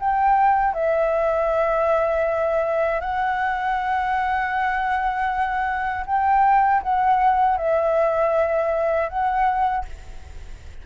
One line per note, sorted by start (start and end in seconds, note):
0.00 0.74 G5
0.74 3.01 E5
3.01 6.04 F#5
6.07 6.83 G5
6.83 7.57 F#5
7.57 9.09 E5
9.09 9.85 F#5